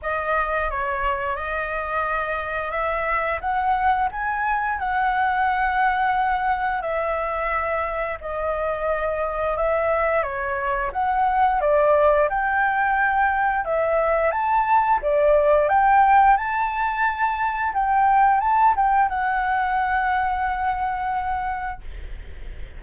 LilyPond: \new Staff \with { instrumentName = "flute" } { \time 4/4 \tempo 4 = 88 dis''4 cis''4 dis''2 | e''4 fis''4 gis''4 fis''4~ | fis''2 e''2 | dis''2 e''4 cis''4 |
fis''4 d''4 g''2 | e''4 a''4 d''4 g''4 | a''2 g''4 a''8 g''8 | fis''1 | }